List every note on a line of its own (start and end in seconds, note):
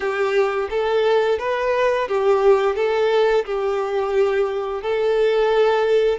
0.00 0.68 G4
0.70 1.39 A4
1.39 2.08 B4
2.08 2.75 G4
2.75 3.44 A4
3.45 4.82 G4
4.82 6.18 A4